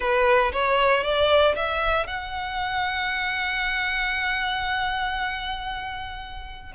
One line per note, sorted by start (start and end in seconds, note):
0.00 0.52 B4
0.52 1.03 C#5
1.03 1.55 D5
1.55 2.06 E5
2.06 6.72 F#5